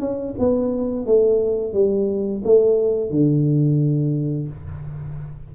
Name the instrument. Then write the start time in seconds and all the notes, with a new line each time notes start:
tuba
0.00 C#4
0.39 B3
1.06 A3
1.73 G3
2.45 A3
3.10 D3